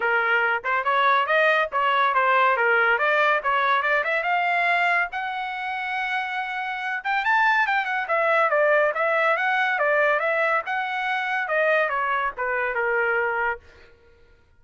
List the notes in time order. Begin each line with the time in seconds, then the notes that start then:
0.00 A#4
0.64 C5
0.84 C#5
1.26 D#5
1.72 C#5
2.14 C5
2.56 A#4
2.98 D5
3.43 C#5
3.82 D5
4.04 E5
4.23 F5
5.12 F#5
7.03 G5
7.25 A5
7.67 G5
7.85 F#5
8.08 E5
8.50 D5
8.94 E5
9.37 F#5
9.78 D5
10.19 E5
10.66 F#5
11.48 D#5
11.89 C#5
12.37 B4
12.74 A#4